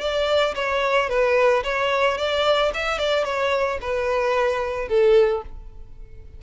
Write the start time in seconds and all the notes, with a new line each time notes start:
0.00 D5
0.55 C#5
1.09 B4
1.63 C#5
2.17 D5
2.74 E5
2.98 D5
3.24 C#5
3.81 B4
4.88 A4